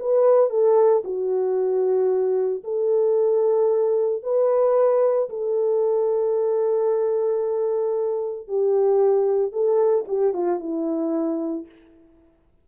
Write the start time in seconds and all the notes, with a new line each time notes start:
0.00 B4
0.50 A4
1.05 F#4
2.64 A4
4.23 B4
5.30 A4
8.48 G4
9.52 A4
10.08 G4
10.34 F4
10.60 E4